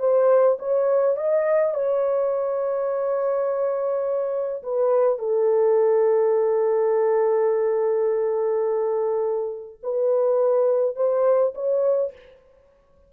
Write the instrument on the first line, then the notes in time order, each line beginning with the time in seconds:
horn
0.00 C5
0.60 C#5
1.17 D#5
1.75 C#5
4.63 B4
5.19 A4
9.83 B4
10.96 C5
11.55 C#5